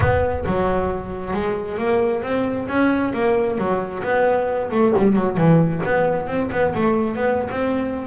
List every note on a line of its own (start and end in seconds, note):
0.00 0.45 B3
0.46 1.33 F#3
1.33 1.77 G#3
1.77 2.22 A#3
2.23 2.67 C4
2.68 3.13 C#4
3.13 3.58 A#3
3.58 4.02 F#3
4.03 4.70 B3
4.71 4.93 A3
4.97 5.15 G3
5.15 5.37 F#3
5.37 5.82 E3
5.85 6.27 B3
6.27 6.49 C4
6.51 6.73 B3
6.74 7.15 A3
7.15 7.49 B3
7.50 8.06 C4